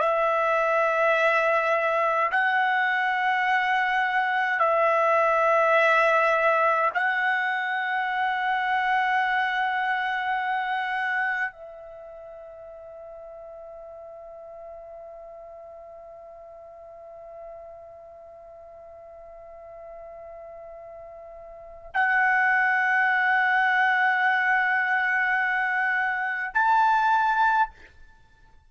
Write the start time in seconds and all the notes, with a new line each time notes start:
0.00 E5
2.31 F#5
4.59 E5
6.94 F#5
11.52 E5
21.94 F#5
26.54 A5